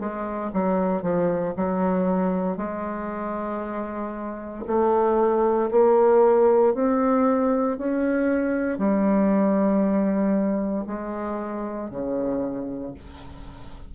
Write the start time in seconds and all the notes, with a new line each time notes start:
0.00 G#3
0.53 F#3
1.03 F3
1.56 F#3
2.57 G#3
4.67 A3
5.71 A#3
6.75 C4
7.78 C#4
8.78 G3
10.87 G#3
11.91 C#3